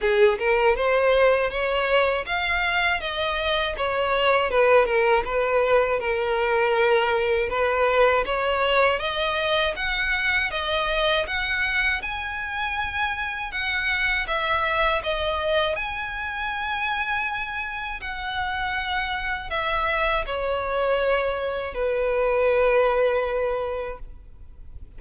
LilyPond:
\new Staff \with { instrumentName = "violin" } { \time 4/4 \tempo 4 = 80 gis'8 ais'8 c''4 cis''4 f''4 | dis''4 cis''4 b'8 ais'8 b'4 | ais'2 b'4 cis''4 | dis''4 fis''4 dis''4 fis''4 |
gis''2 fis''4 e''4 | dis''4 gis''2. | fis''2 e''4 cis''4~ | cis''4 b'2. | }